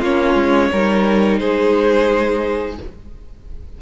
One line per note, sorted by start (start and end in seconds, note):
0.00 0.35 A#3
0.00 0.73 C#4
0.00 0.69 F4
0.00 1.39 C#5
0.35 0.69 G#3
0.72 1.41 G3
0.72 2.81 D#4
0.72 1.40 A#4
1.39 2.78 G#3
1.39 2.78 G#4
1.39 2.77 C5